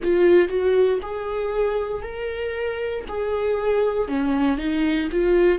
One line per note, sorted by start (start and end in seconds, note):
0.03 0.48 F4
0.48 0.99 F#4
1.02 2.02 G#4
2.02 3.04 A#4
3.08 4.07 G#4
4.07 4.57 C#4
4.57 5.08 D#4
5.11 5.58 F4